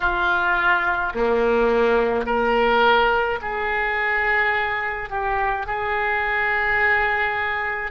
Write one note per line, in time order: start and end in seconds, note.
0.00 1.13 F4
1.14 2.25 A#3
2.25 3.39 A#4
3.41 5.09 G#4
5.09 5.66 G4
5.66 7.91 G#4